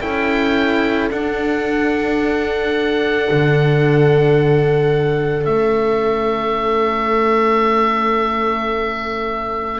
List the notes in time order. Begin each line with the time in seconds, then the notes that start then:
0.00 C#4 E4 A4 G5
1.10 D4 F#5
3.30 D3
5.45 A3 C#4 E5